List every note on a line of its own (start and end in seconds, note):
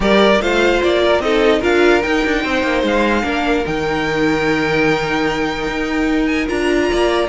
0.00 0.39 G3
0.00 0.40 G4
0.00 0.41 A#4
0.00 0.41 D5
0.40 0.81 A3
0.40 1.22 F4
0.40 1.02 C5
0.40 0.82 F5
0.82 1.19 A#3
0.82 1.21 D5
1.02 1.23 A#4
1.19 1.59 C4
1.19 1.61 D#4
1.19 1.59 A4
1.19 1.61 D#5
1.59 2.03 D4
1.59 2.01 F4
1.59 2.40 A#4
1.59 2.02 F5
2.02 3.23 D#4
2.02 2.24 D#4
2.02 2.83 G5
2.25 2.44 D4
2.43 2.63 C4
2.43 3.23 C5
2.63 2.82 A#3
2.82 3.23 G#3
2.82 3.66 F5
3.23 3.64 A#3
3.23 3.63 D4
3.23 6.87 A#4
3.65 5.66 D#3
3.65 6.47 D#4
3.65 6.26 G5
5.66 6.47 D#4
6.26 6.46 G#5
6.47 6.91 D4
6.47 7.28 F4
6.47 7.28 A#5
6.90 7.28 A#3
6.90 7.28 D5